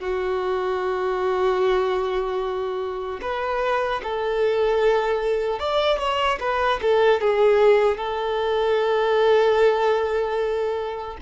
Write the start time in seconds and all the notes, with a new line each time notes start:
0.00 F#4
3.21 B4
4.03 A4
5.59 D5
5.99 C#5
6.40 B4
6.81 A4
7.21 G#4
7.97 A4